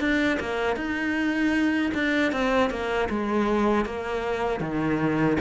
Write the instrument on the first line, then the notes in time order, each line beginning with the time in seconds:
cello
0.00 D4
0.40 A#3
0.76 D#4
1.94 D4
2.32 C4
2.70 A#3
3.09 G#3
3.85 A#3
4.60 D#3